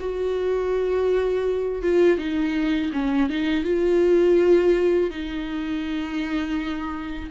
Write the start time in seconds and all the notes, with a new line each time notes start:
0.00 F#4
1.82 F4
2.18 D#4
2.93 C#4
3.29 D#4
3.64 F4
5.10 D#4